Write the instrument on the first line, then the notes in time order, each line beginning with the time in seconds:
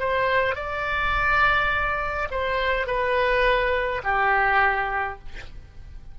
oboe
0.00 C5
0.56 D5
2.31 C5
2.87 B4
4.04 G4